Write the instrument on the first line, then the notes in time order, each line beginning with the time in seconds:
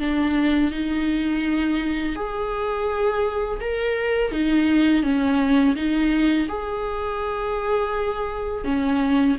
viola
0.00 D4
0.72 D#4
2.16 G#4
3.61 A#4
4.32 D#4
5.03 C#4
5.76 D#4
6.49 G#4
8.65 C#4